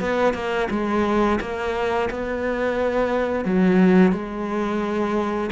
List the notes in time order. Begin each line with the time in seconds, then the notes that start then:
0.00 B3
0.34 A#3
0.70 G#3
1.40 A#3
2.10 B3
3.45 F#3
4.12 G#3